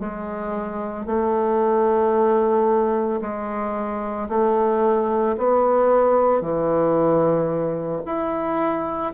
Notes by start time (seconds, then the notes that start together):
0.00 G#3
1.07 A3
3.21 G#3
4.29 A3
5.38 B3
6.42 E3
8.06 E4